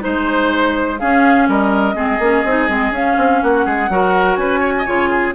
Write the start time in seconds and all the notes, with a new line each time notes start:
0.00 G#3 D#4 C5
0.99 C#4 G#4 F5
1.48 G3 A#4 D#5
1.94 G#3 C4 G#4
2.19 A#3 C#4
2.44 C4 D#4
2.68 G#3 C4
2.91 C#4 F5
3.17 C4
3.42 A#3 F#4 F#5
3.65 G#3 G#4
3.89 F#3 F#4 A#4
4.36 C#4 B4 G#5
4.60 C#5
4.78 D#5
4.85 C#3 F4 C#5
5.10 G#4